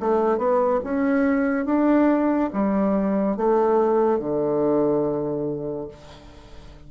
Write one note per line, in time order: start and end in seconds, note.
0.00 0.38 A3
0.38 0.80 B3
0.84 1.65 C#4
1.65 2.50 D4
2.53 3.36 G3
3.36 4.19 A3
4.19 5.88 D3